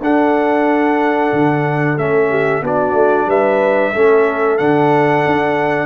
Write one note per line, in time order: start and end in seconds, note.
0.00 1.30 D4
0.00 1.98 D4
0.00 2.29 A4
0.00 1.98 F#5
1.32 1.98 D3
1.98 2.61 A3
1.98 2.63 C#4
1.98 2.63 E5
2.29 2.62 G4
2.61 2.93 B3
2.61 3.93 D4
2.61 3.28 F#4
2.61 3.29 D5
2.93 3.25 A3
3.26 3.91 G3
3.26 3.93 B4
3.26 4.57 E5
3.93 4.59 A3
3.93 4.58 C#4
3.93 5.86 A4
4.57 5.24 D3
4.57 5.86 D4
4.57 5.86 F#5
5.25 5.86 D4